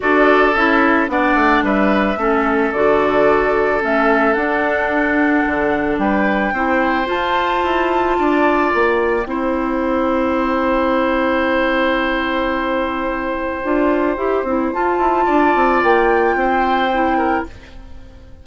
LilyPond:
<<
  \new Staff \with { instrumentName = "flute" } { \time 4/4 \tempo 4 = 110 d''4 e''4 fis''4 e''4~ | e''4 d''2 e''4 | fis''2. g''4~ | g''4 a''2. |
g''1~ | g''1~ | g''2. a''4~ | a''4 g''2. | }
  \new Staff \with { instrumentName = "oboe" } { \time 4/4 a'2 d''4 b'4 | a'1~ | a'2. b'4 | c''2. d''4~ |
d''4 c''2.~ | c''1~ | c''1 | d''2 c''4. ais'8 | }
  \new Staff \with { instrumentName = "clarinet" } { \time 4/4 fis'4 e'4 d'2 | cis'4 fis'2 cis'4 | d'1 | e'4 f'2.~ |
f'4 e'2.~ | e'1~ | e'4 f'4 g'8 e'8 f'4~ | f'2. e'4 | }
  \new Staff \with { instrumentName = "bassoon" } { \time 4/4 d'4 cis'4 b8 a8 g4 | a4 d2 a4 | d'2 d4 g4 | c'4 f'4 e'4 d'4 |
ais4 c'2.~ | c'1~ | c'4 d'4 e'8 c'8 f'8 e'8 | d'8 c'8 ais4 c'2 | }
>>